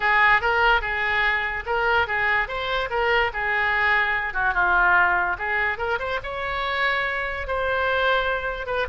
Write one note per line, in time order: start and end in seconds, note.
0.00 0.41 G#4
0.41 0.81 A#4
0.81 1.63 G#4
1.66 2.07 A#4
2.07 2.48 G#4
2.48 2.89 C5
2.90 3.31 A#4
3.33 4.33 G#4
4.33 4.54 F#4
4.54 5.36 F4
5.38 5.78 G#4
5.78 5.98 A#4
5.99 6.19 C5
6.23 7.47 C#5
7.47 8.66 C5
8.66 8.87 B4